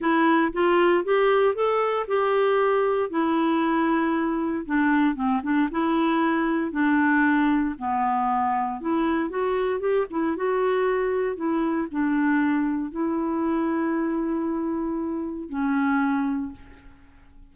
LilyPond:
\new Staff \with { instrumentName = "clarinet" } { \time 4/4 \tempo 4 = 116 e'4 f'4 g'4 a'4 | g'2 e'2~ | e'4 d'4 c'8 d'8 e'4~ | e'4 d'2 b4~ |
b4 e'4 fis'4 g'8 e'8 | fis'2 e'4 d'4~ | d'4 e'2.~ | e'2 cis'2 | }